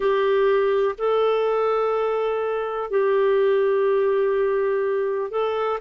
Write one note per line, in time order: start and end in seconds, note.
0.00 0.95 G4
0.98 2.90 A4
2.90 5.30 G4
5.30 5.78 A4